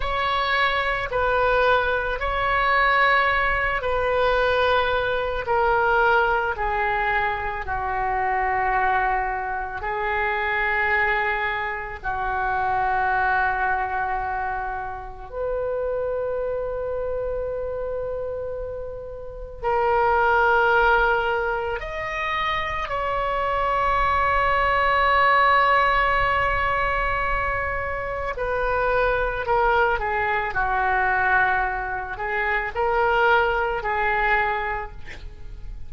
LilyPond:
\new Staff \with { instrumentName = "oboe" } { \time 4/4 \tempo 4 = 55 cis''4 b'4 cis''4. b'8~ | b'4 ais'4 gis'4 fis'4~ | fis'4 gis'2 fis'4~ | fis'2 b'2~ |
b'2 ais'2 | dis''4 cis''2.~ | cis''2 b'4 ais'8 gis'8 | fis'4. gis'8 ais'4 gis'4 | }